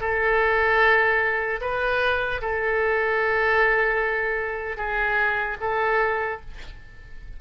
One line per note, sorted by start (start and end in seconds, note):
0.00 1.60 A4
1.61 2.41 B4
2.41 4.77 A4
4.77 5.57 G#4
5.61 6.41 A4